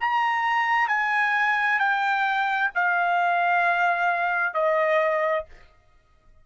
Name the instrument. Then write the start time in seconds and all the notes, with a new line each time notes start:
trumpet
0.00 A#5
0.88 G#5
1.79 G5
2.75 F5
4.54 D#5